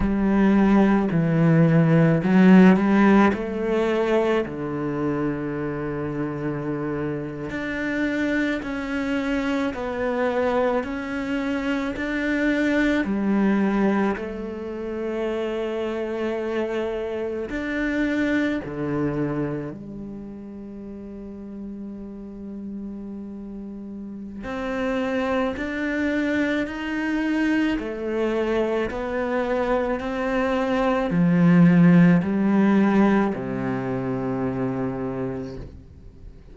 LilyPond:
\new Staff \with { instrumentName = "cello" } { \time 4/4 \tempo 4 = 54 g4 e4 fis8 g8 a4 | d2~ d8. d'4 cis'16~ | cis'8. b4 cis'4 d'4 g16~ | g8. a2. d'16~ |
d'8. d4 g2~ g16~ | g2 c'4 d'4 | dis'4 a4 b4 c'4 | f4 g4 c2 | }